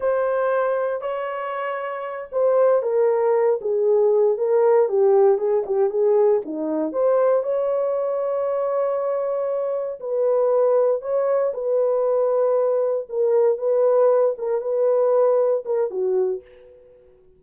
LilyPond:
\new Staff \with { instrumentName = "horn" } { \time 4/4 \tempo 4 = 117 c''2 cis''2~ | cis''8 c''4 ais'4. gis'4~ | gis'8 ais'4 g'4 gis'8 g'8 gis'8~ | gis'8 dis'4 c''4 cis''4.~ |
cis''2.~ cis''8 b'8~ | b'4. cis''4 b'4.~ | b'4. ais'4 b'4. | ais'8 b'2 ais'8 fis'4 | }